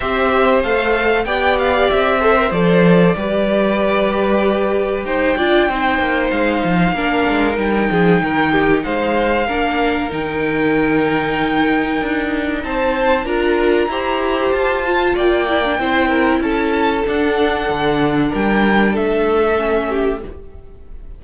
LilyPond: <<
  \new Staff \with { instrumentName = "violin" } { \time 4/4 \tempo 4 = 95 e''4 f''4 g''8 f''8 e''4 | d''1 | g''2 f''2 | g''2 f''2 |
g''1 | a''4 ais''2 a''4 | g''2 a''4 fis''4~ | fis''4 g''4 e''2 | }
  \new Staff \with { instrumentName = "violin" } { \time 4/4 c''2 d''4. c''8~ | c''4 b'2. | c''8 d''8 c''2 ais'4~ | ais'8 gis'8 ais'8 g'8 c''4 ais'4~ |
ais'1 | c''4 ais'4 c''2 | d''4 c''8 ais'8 a'2~ | a'4 ais'4 a'4. g'8 | }
  \new Staff \with { instrumentName = "viola" } { \time 4/4 g'4 a'4 g'4. a'16 ais'16 | a'4 g'2.~ | g'8 f'8 dis'2 d'4 | dis'2. d'4 |
dis'1~ | dis'4 f'4 g'4. f'8~ | f'8 e'16 d'16 e'2 d'4~ | d'2. cis'4 | }
  \new Staff \with { instrumentName = "cello" } { \time 4/4 c'4 a4 b4 c'4 | f4 g2. | dis'8 d'8 c'8 ais8 gis8 f8 ais8 gis8 | g8 f8 dis4 gis4 ais4 |
dis2. d'4 | c'4 d'4 e'4 f'4 | ais4 c'4 cis'4 d'4 | d4 g4 a2 | }
>>